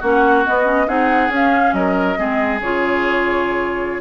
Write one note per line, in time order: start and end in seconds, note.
0.00 0.46 A#3
0.00 0.45 C#4
0.00 0.86 F#4
0.00 0.46 F#5
0.45 0.65 B3
0.45 0.88 B3
0.45 0.89 D#5
0.65 0.87 C#4
0.87 1.29 C4
0.87 1.31 D#4
0.87 1.75 G#4
0.87 1.32 F#5
1.29 1.72 C#4
1.29 2.16 C#4
1.36 1.74 F5
1.73 2.16 F#3
1.73 2.19 A#4
1.73 2.60 D#5
2.16 2.61 G#3
2.16 2.60 C4
2.16 4.01 G#4
2.61 4.01 C#3
2.61 4.01 F4
2.61 4.01 C#5